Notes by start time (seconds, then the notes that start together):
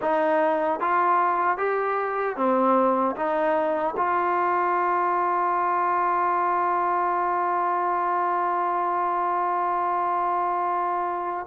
0.01 D#4
0.79 F4
1.57 G4
2.36 C4
3.16 D#4
3.97 F4